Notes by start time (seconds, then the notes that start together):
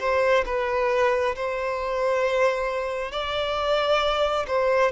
0.00 C5
0.46 B4
1.36 C5
3.12 D5
4.48 C5